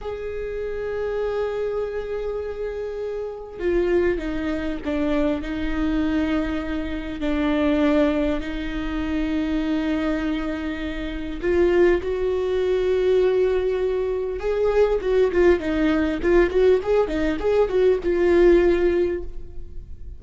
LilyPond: \new Staff \with { instrumentName = "viola" } { \time 4/4 \tempo 4 = 100 gis'1~ | gis'2 f'4 dis'4 | d'4 dis'2. | d'2 dis'2~ |
dis'2. f'4 | fis'1 | gis'4 fis'8 f'8 dis'4 f'8 fis'8 | gis'8 dis'8 gis'8 fis'8 f'2 | }